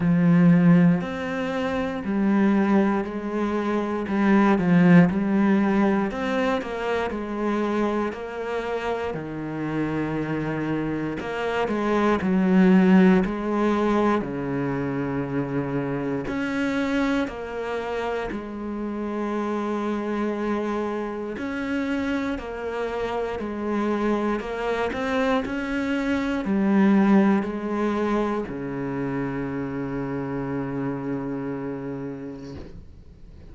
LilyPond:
\new Staff \with { instrumentName = "cello" } { \time 4/4 \tempo 4 = 59 f4 c'4 g4 gis4 | g8 f8 g4 c'8 ais8 gis4 | ais4 dis2 ais8 gis8 | fis4 gis4 cis2 |
cis'4 ais4 gis2~ | gis4 cis'4 ais4 gis4 | ais8 c'8 cis'4 g4 gis4 | cis1 | }